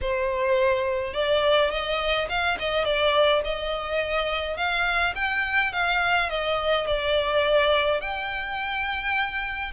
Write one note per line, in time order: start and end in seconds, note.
0.01 1.13 C5
1.13 1.70 D5
1.71 2.28 D#5
2.29 2.57 F5
2.59 2.84 D#5
2.84 3.41 D5
3.44 4.57 D#5
4.57 5.14 F5
5.15 5.72 G5
5.72 6.29 F5
6.29 6.86 D#5
6.86 8.00 D5
8.00 9.72 G5